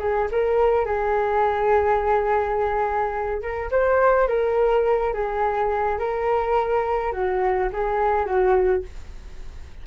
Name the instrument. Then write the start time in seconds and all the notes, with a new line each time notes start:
flute
0.00 G#4
0.32 A#4
0.86 G#4
3.42 A#4
3.71 C5
4.28 A#4
5.14 G#4
5.99 A#4
7.13 F#4
7.73 G#4
8.26 F#4